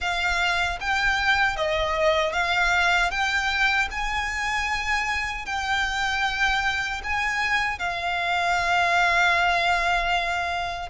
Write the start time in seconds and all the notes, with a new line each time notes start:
0.00 F5
0.80 G5
1.56 D#5
2.32 F5
3.10 G5
3.90 G#5
5.45 G5
7.03 G#5
7.79 F5